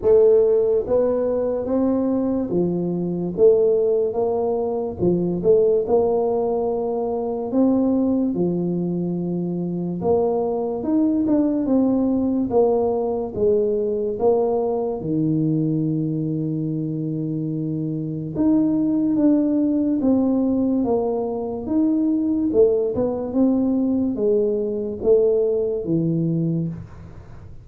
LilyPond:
\new Staff \with { instrumentName = "tuba" } { \time 4/4 \tempo 4 = 72 a4 b4 c'4 f4 | a4 ais4 f8 a8 ais4~ | ais4 c'4 f2 | ais4 dis'8 d'8 c'4 ais4 |
gis4 ais4 dis2~ | dis2 dis'4 d'4 | c'4 ais4 dis'4 a8 b8 | c'4 gis4 a4 e4 | }